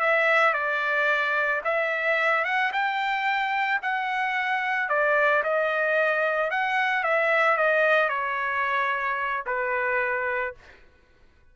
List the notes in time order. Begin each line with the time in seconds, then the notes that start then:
0.00 E5
0.54 D5
1.65 E5
2.45 F#5
2.73 G5
3.83 F#5
4.89 D5
5.44 D#5
6.51 F#5
7.04 E5
7.57 D#5
8.09 C#5
9.47 B4